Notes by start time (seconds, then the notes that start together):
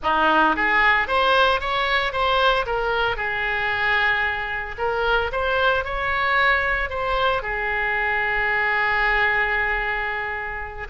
0.02 D#4
0.56 G#4
1.07 C5
1.60 C#5
2.12 C5
2.65 A#4
3.16 G#4
4.78 A#4
5.31 C5
5.84 C#5
6.89 C5
7.42 G#4